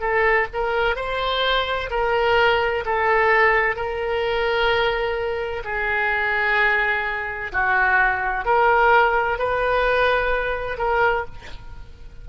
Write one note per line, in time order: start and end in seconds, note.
0.00 0.47 A4
0.54 0.96 A#4
0.96 1.90 C5
1.90 2.84 A#4
2.86 3.76 A4
3.76 5.63 A#4
5.64 7.52 G#4
7.52 8.45 F#4
8.45 9.39 A#4
9.39 10.78 B4
10.78 11.25 A#4